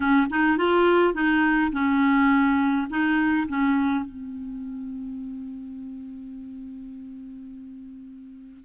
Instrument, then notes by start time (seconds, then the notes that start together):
clarinet
0.00 C#4
0.30 D#4
0.57 F4
1.14 D#4
1.72 C#4
2.90 D#4
3.48 C#4
4.05 C4